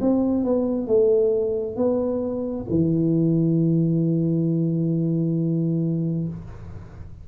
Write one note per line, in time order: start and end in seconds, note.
0.00 0.44 C4
0.44 0.87 B3
0.87 1.76 A3
1.76 2.66 B3
2.69 6.28 E3